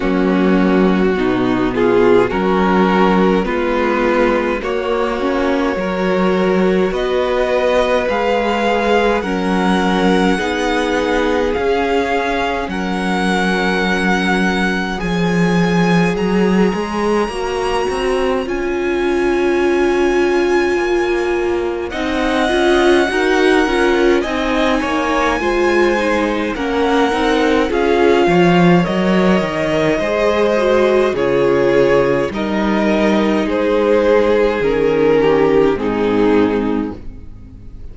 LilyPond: <<
  \new Staff \with { instrumentName = "violin" } { \time 4/4 \tempo 4 = 52 fis'4. gis'8 ais'4 b'4 | cis''2 dis''4 f''4 | fis''2 f''4 fis''4~ | fis''4 gis''4 ais''2 |
gis''2. fis''4~ | fis''4 gis''2 fis''4 | f''4 dis''2 cis''4 | dis''4 c''4 ais'4 gis'4 | }
  \new Staff \with { instrumentName = "violin" } { \time 4/4 cis'4 dis'8 f'8 fis'4 f'4 | fis'4 ais'4 b'2 | ais'4 gis'2 ais'4~ | ais'4 cis''2.~ |
cis''2. dis''4 | ais'4 dis''8 cis''8 c''4 ais'4 | gis'8 cis''4. c''4 gis'4 | ais'4 gis'4. g'8 dis'4 | }
  \new Staff \with { instrumentName = "viola" } { \time 4/4 ais4 b4 cis'4 b4 | ais8 cis'8 fis'2 gis'4 | cis'4 dis'4 cis'2~ | cis'4 gis'2 fis'4 |
f'2. dis'8 f'8 | fis'8 f'8 dis'4 f'8 dis'8 cis'8 dis'8 | f'4 ais'4 gis'8 fis'8 f'4 | dis'2 cis'4 c'4 | }
  \new Staff \with { instrumentName = "cello" } { \time 4/4 fis4 b,4 fis4 gis4 | ais4 fis4 b4 gis4 | fis4 b4 cis'4 fis4~ | fis4 f4 fis8 gis8 ais8 c'8 |
cis'2 ais4 c'8 cis'8 | dis'8 cis'8 c'8 ais8 gis4 ais8 c'8 | cis'8 f8 fis8 dis8 gis4 cis4 | g4 gis4 dis4 gis,4 | }
>>